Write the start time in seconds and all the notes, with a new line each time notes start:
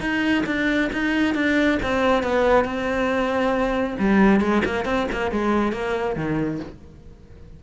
0.00 D#4
0.46 D4
0.93 D#4
1.35 D4
1.82 C4
2.23 B3
2.65 C4
3.99 G3
4.40 G#3
4.65 A#3
4.85 C4
5.12 A#3
5.31 G#3
5.72 A#3
6.16 D#3